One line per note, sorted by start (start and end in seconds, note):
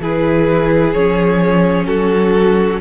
0.00 0.94 E3
0.00 0.96 E4
0.00 1.86 G#4
0.00 0.93 B4
0.93 1.87 F3
0.93 2.81 C#4
0.93 1.86 C#5
1.86 2.81 F#3
1.86 2.80 F#4
1.86 2.79 A4